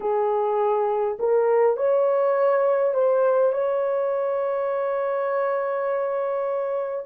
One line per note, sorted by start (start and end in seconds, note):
0.00 1.18 G#4
1.19 1.76 A#4
1.76 2.94 C#5
2.94 3.52 C5
3.52 7.05 C#5